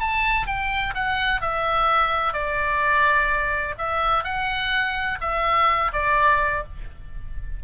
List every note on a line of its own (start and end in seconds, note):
0.00 0.47 A5
0.47 0.94 G5
0.95 1.42 F#5
1.42 2.33 E5
2.33 3.75 D5
3.78 4.24 E5
4.24 5.19 F#5
5.21 5.92 E5
5.93 6.64 D5